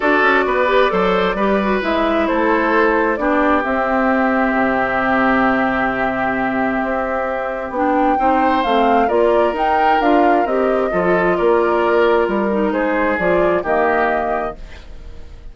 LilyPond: <<
  \new Staff \with { instrumentName = "flute" } { \time 4/4 \tempo 4 = 132 d''1 | e''4 c''2 d''4 | e''1~ | e''1~ |
e''4 g''2 f''4 | d''4 g''4 f''4 dis''4~ | dis''4 d''2 ais'4 | c''4 d''4 dis''2 | }
  \new Staff \with { instrumentName = "oboe" } { \time 4/4 a'4 b'4 c''4 b'4~ | b'4 a'2 g'4~ | g'1~ | g'1~ |
g'2 c''2 | ais'1 | a'4 ais'2. | gis'2 g'2 | }
  \new Staff \with { instrumentName = "clarinet" } { \time 4/4 fis'4. g'8 a'4 g'8 fis'8 | e'2. d'4 | c'1~ | c'1~ |
c'4 d'4 dis'4 c'4 | f'4 dis'4 f'4 g'4 | f'2.~ f'8 dis'8~ | dis'4 f'4 ais2 | }
  \new Staff \with { instrumentName = "bassoon" } { \time 4/4 d'8 cis'8 b4 fis4 g4 | gis4 a2 b4 | c'2 c2~ | c2. c'4~ |
c'4 b4 c'4 a4 | ais4 dis'4 d'4 c'4 | f4 ais2 g4 | gis4 f4 dis2 | }
>>